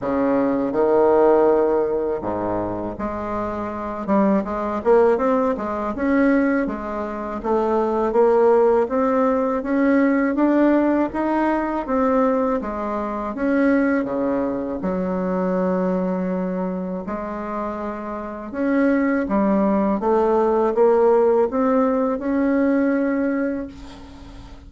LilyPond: \new Staff \with { instrumentName = "bassoon" } { \time 4/4 \tempo 4 = 81 cis4 dis2 gis,4 | gis4. g8 gis8 ais8 c'8 gis8 | cis'4 gis4 a4 ais4 | c'4 cis'4 d'4 dis'4 |
c'4 gis4 cis'4 cis4 | fis2. gis4~ | gis4 cis'4 g4 a4 | ais4 c'4 cis'2 | }